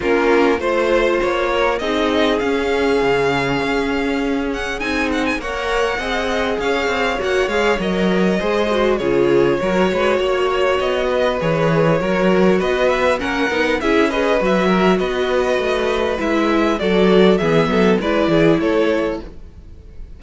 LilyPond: <<
  \new Staff \with { instrumentName = "violin" } { \time 4/4 \tempo 4 = 100 ais'4 c''4 cis''4 dis''4 | f''2.~ f''8 fis''8 | gis''8 fis''16 gis''16 fis''2 f''4 | fis''8 f''8 dis''2 cis''4~ |
cis''2 dis''4 cis''4~ | cis''4 dis''8 e''8 fis''4 e''8 dis''8 | e''4 dis''2 e''4 | d''4 e''4 d''4 cis''4 | }
  \new Staff \with { instrumentName = "violin" } { \time 4/4 f'4 c''4. ais'8 gis'4~ | gis'1~ | gis'4 cis''4 dis''4 cis''4~ | cis''2 c''4 gis'4 |
ais'8 b'8 cis''4. b'4. | ais'4 b'4 ais'4 gis'8 b'8~ | b'8 ais'8 b'2. | a'4 gis'8 a'8 b'8 gis'8 a'4 | }
  \new Staff \with { instrumentName = "viola" } { \time 4/4 cis'4 f'2 dis'4 | cis'1 | dis'4 ais'4 gis'2 | fis'8 gis'8 ais'4 gis'8 fis'8 f'4 |
fis'2. gis'4 | fis'2 cis'8 dis'8 e'8 gis'8 | fis'2. e'4 | fis'4 b4 e'2 | }
  \new Staff \with { instrumentName = "cello" } { \time 4/4 ais4 a4 ais4 c'4 | cis'4 cis4 cis'2 | c'4 ais4 c'4 cis'8 c'8 | ais8 gis8 fis4 gis4 cis4 |
fis8 gis8 ais4 b4 e4 | fis4 b4 ais8 b8 cis'4 | fis4 b4 a4 gis4 | fis4 e8 fis8 gis8 e8 a4 | }
>>